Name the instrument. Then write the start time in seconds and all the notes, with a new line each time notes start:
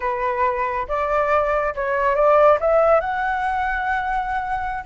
flute
0.00 B4
0.88 D5
1.74 C#5
2.15 D5
2.60 E5
3.00 F#5